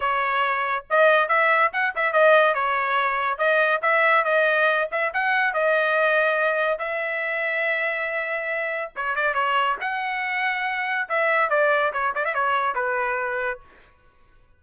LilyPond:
\new Staff \with { instrumentName = "trumpet" } { \time 4/4 \tempo 4 = 141 cis''2 dis''4 e''4 | fis''8 e''8 dis''4 cis''2 | dis''4 e''4 dis''4. e''8 | fis''4 dis''2. |
e''1~ | e''4 cis''8 d''8 cis''4 fis''4~ | fis''2 e''4 d''4 | cis''8 d''16 e''16 cis''4 b'2 | }